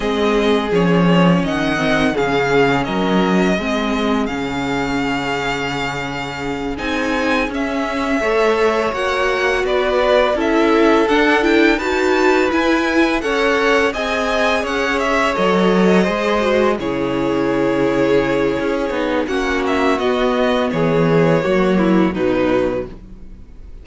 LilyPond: <<
  \new Staff \with { instrumentName = "violin" } { \time 4/4 \tempo 4 = 84 dis''4 cis''4 fis''4 f''4 | dis''2 f''2~ | f''4. gis''4 e''4.~ | e''8 fis''4 d''4 e''4 fis''8 |
g''8 a''4 gis''4 fis''4 gis''8~ | gis''8 fis''8 e''8 dis''2 cis''8~ | cis''2. fis''8 e''8 | dis''4 cis''2 b'4 | }
  \new Staff \with { instrumentName = "violin" } { \time 4/4 gis'2 dis''4 gis'4 | ais'4 gis'2.~ | gis'2.~ gis'8 cis''8~ | cis''4. b'4 a'4.~ |
a'8 b'2 cis''4 dis''8~ | dis''8 cis''2 c''4 gis'8~ | gis'2. fis'4~ | fis'4 gis'4 fis'8 e'8 dis'4 | }
  \new Staff \with { instrumentName = "viola" } { \time 4/4 c'4 cis'4. c'8 cis'4~ | cis'4 c'4 cis'2~ | cis'4. dis'4 cis'4 a'8~ | a'8 fis'2 e'4 d'8 |
e'8 fis'4 e'4 a'4 gis'8~ | gis'4. a'4 gis'8 fis'8 e'8~ | e'2~ e'8 dis'8 cis'4 | b2 ais4 fis4 | }
  \new Staff \with { instrumentName = "cello" } { \time 4/4 gis4 f4 dis4 cis4 | fis4 gis4 cis2~ | cis4. c'4 cis'4 a8~ | a8 ais4 b4 cis'4 d'8~ |
d'8 dis'4 e'4 cis'4 c'8~ | c'8 cis'4 fis4 gis4 cis8~ | cis2 cis'8 b8 ais4 | b4 e4 fis4 b,4 | }
>>